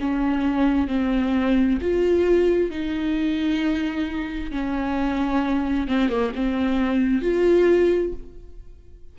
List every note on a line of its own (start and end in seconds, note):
0.00 0.88 C#4
0.88 1.79 C4
1.81 2.70 F4
2.70 4.52 D#4
4.52 5.88 C#4
5.88 6.09 C4
6.09 6.32 A#3
6.36 7.22 C4
7.22 8.13 F4